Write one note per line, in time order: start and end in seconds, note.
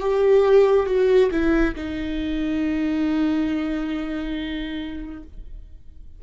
0.00 0.87 G4
0.87 1.30 F#4
1.32 1.75 E4
1.76 5.24 D#4